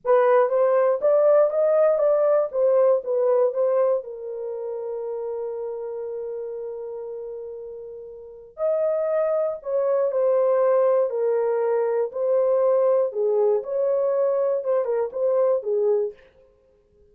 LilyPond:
\new Staff \with { instrumentName = "horn" } { \time 4/4 \tempo 4 = 119 b'4 c''4 d''4 dis''4 | d''4 c''4 b'4 c''4 | ais'1~ | ais'1~ |
ais'4 dis''2 cis''4 | c''2 ais'2 | c''2 gis'4 cis''4~ | cis''4 c''8 ais'8 c''4 gis'4 | }